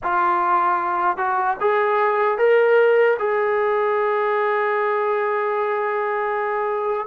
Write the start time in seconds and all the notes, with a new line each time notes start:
0.03 F4
1.17 F#4
1.60 G#4
2.38 A#4
3.18 G#4